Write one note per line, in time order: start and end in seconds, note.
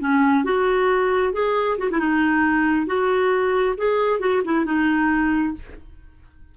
0.00 0.44 C#4
0.44 1.33 F#4
1.33 1.78 G#4
1.78 1.89 F#4
1.91 2.00 E4
2.00 2.87 D#4
2.87 3.76 F#4
3.78 4.20 G#4
4.20 4.42 F#4
4.45 4.66 E4
4.66 5.55 D#4